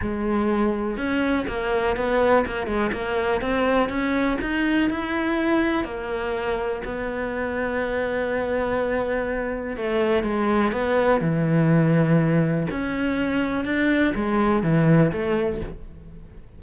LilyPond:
\new Staff \with { instrumentName = "cello" } { \time 4/4 \tempo 4 = 123 gis2 cis'4 ais4 | b4 ais8 gis8 ais4 c'4 | cis'4 dis'4 e'2 | ais2 b2~ |
b1 | a4 gis4 b4 e4~ | e2 cis'2 | d'4 gis4 e4 a4 | }